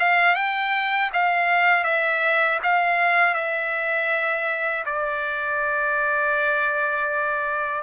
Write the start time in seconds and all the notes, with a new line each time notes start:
0.00 F5
0.36 G5
1.14 F5
1.84 E5
2.64 F5
3.35 E5
4.86 D5